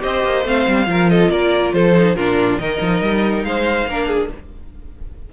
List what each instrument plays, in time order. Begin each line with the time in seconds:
0.00 cello C4, viola G4, violin C5 D#5
0.24 cello A#3
0.45 cello A3, viola C4, violin F5
0.67 cello G3
0.86 cello F3, viola F4, violin A#4
1.10 violin A4 D#5
1.30 cello A#3, violin A#4 D5
1.73 cello F3, violin A4 C5
1.97 viola D#4
2.15 cello A#2, viola D4, violin F4 A#4
2.58 cello D#3, viola D#4, violin A#4 D#5
2.81 cello F3
3.01 cello G3
3.43 cello G#3, violin C5 F5
3.85 cello A#3, viola D4, violin A#4
4.08 violin G#4